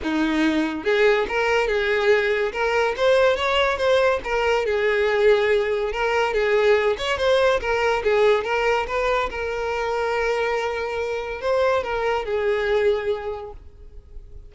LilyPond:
\new Staff \with { instrumentName = "violin" } { \time 4/4 \tempo 4 = 142 dis'2 gis'4 ais'4 | gis'2 ais'4 c''4 | cis''4 c''4 ais'4 gis'4~ | gis'2 ais'4 gis'4~ |
gis'8 cis''8 c''4 ais'4 gis'4 | ais'4 b'4 ais'2~ | ais'2. c''4 | ais'4 gis'2. | }